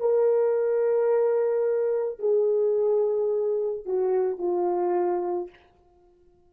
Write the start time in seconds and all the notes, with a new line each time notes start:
0.00 A#4
2.19 G#4
3.85 F#4
4.38 F4